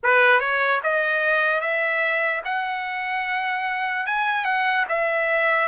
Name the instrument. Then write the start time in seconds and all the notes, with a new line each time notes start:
trumpet
0.03 B4
0.40 C#5
0.83 D#5
1.60 E5
2.45 F#5
4.06 G#5
4.44 F#5
4.89 E5